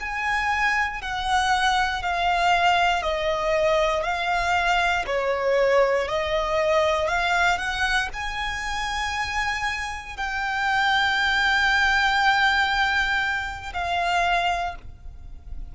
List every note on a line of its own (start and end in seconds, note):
0.00 1.02 G#5
1.02 2.02 F#5
2.02 3.03 F5
3.03 4.04 D#5
4.04 5.05 F5
5.07 6.08 C#5
6.08 7.08 D#5
7.08 7.58 F5
7.58 8.09 F#5
8.14 10.17 G#5
10.17 13.73 G5
13.74 14.75 F5